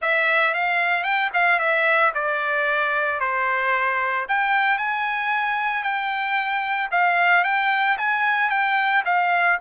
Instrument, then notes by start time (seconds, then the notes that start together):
trumpet
0.01 E5
0.54 F5
1.03 G5
1.33 F5
1.59 E5
2.14 D5
3.20 C5
4.28 G5
4.78 G#5
5.83 G5
6.91 F5
7.44 G5
7.97 G#5
8.50 G5
9.05 F5